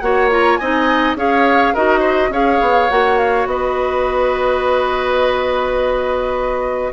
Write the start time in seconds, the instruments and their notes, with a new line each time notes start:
0.00 bassoon A#3, clarinet F#4, oboe C#5, flute F#5
0.30 clarinet F4, flute A#5
0.56 bassoon C4, clarinet D#4, oboe D#5, flute G#5
1.15 bassoon C#4, clarinet G#4, oboe C#5, flute F5
1.74 bassoon D#4, clarinet F#4, oboe A#4, flute D#5
2.00 oboe C5
2.30 bassoon C#4, clarinet G#4, oboe C#5, flute F5
2.61 bassoon B3
2.90 bassoon A#3, clarinet F#4, flute F#5
3.18 flute F5
3.46 bassoon B3, oboe B4, flute D#5